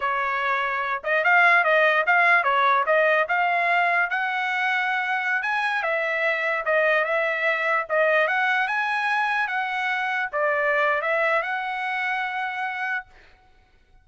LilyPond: \new Staff \with { instrumentName = "trumpet" } { \time 4/4 \tempo 4 = 147 cis''2~ cis''8 dis''8 f''4 | dis''4 f''4 cis''4 dis''4 | f''2 fis''2~ | fis''4~ fis''16 gis''4 e''4.~ e''16~ |
e''16 dis''4 e''2 dis''8.~ | dis''16 fis''4 gis''2 fis''8.~ | fis''4~ fis''16 d''4.~ d''16 e''4 | fis''1 | }